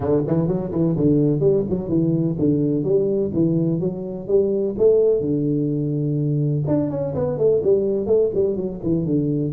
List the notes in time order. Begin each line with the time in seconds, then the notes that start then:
0.00 D3
0.27 E3
0.47 F#3
0.71 E3
0.96 D3
1.40 G3
1.69 F#3
1.88 E3
2.39 D3
2.83 G3
3.33 E3
3.80 F#3
4.27 G3
4.78 A3
5.20 D3
6.67 D4
6.90 C#4
7.14 B3
7.37 A3
7.63 G3
8.06 A3
8.34 G3
8.56 F#3
8.83 E3
9.05 D3